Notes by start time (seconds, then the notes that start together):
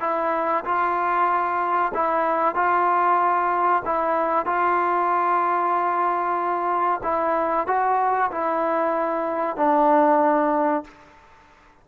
0.00 E4
0.64 F4
1.94 E4
2.54 F4
3.85 E4
4.45 F4
7.03 E4
7.67 F#4
8.31 E4
9.56 D4